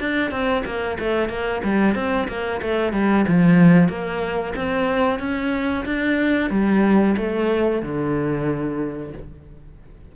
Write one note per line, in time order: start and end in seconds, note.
0.00 0.31 D4
0.31 0.64 C4
0.66 0.98 A#3
1.00 1.30 A3
1.30 1.62 A#3
1.65 1.95 G3
1.95 2.28 C4
2.29 2.61 A#3
2.62 2.93 A3
2.93 3.26 G3
3.28 3.89 F3
3.89 4.54 A#3
4.56 5.20 C4
5.20 5.85 C#4
5.86 6.51 D4
6.51 7.16 G3
7.17 7.83 A3
7.83 9.13 D3